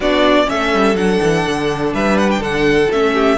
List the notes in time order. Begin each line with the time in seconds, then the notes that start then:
0.00 B3 D4 F#4 D5
0.45 A3 C#4 E5
0.53 A4
0.73 G3
0.94 F#3 D4 F#5
1.22 E3
1.47 D3
1.93 G3 B4 E5
2.18 F#5
2.30 G5
2.38 D3 A4 F#5
2.91 A3 C#4 E5
3.13 G4